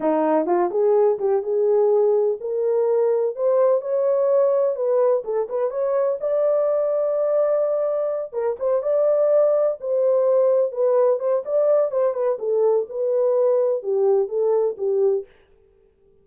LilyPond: \new Staff \with { instrumentName = "horn" } { \time 4/4 \tempo 4 = 126 dis'4 f'8 gis'4 g'8 gis'4~ | gis'4 ais'2 c''4 | cis''2 b'4 a'8 b'8 | cis''4 d''2.~ |
d''4. ais'8 c''8 d''4.~ | d''8 c''2 b'4 c''8 | d''4 c''8 b'8 a'4 b'4~ | b'4 g'4 a'4 g'4 | }